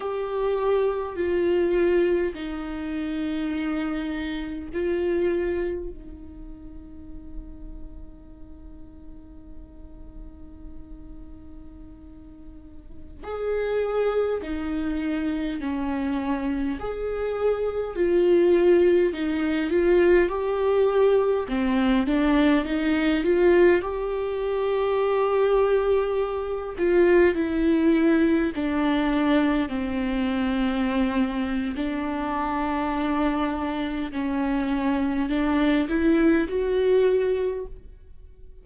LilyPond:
\new Staff \with { instrumentName = "viola" } { \time 4/4 \tempo 4 = 51 g'4 f'4 dis'2 | f'4 dis'2.~ | dis'2.~ dis'16 gis'8.~ | gis'16 dis'4 cis'4 gis'4 f'8.~ |
f'16 dis'8 f'8 g'4 c'8 d'8 dis'8 f'16~ | f'16 g'2~ g'8 f'8 e'8.~ | e'16 d'4 c'4.~ c'16 d'4~ | d'4 cis'4 d'8 e'8 fis'4 | }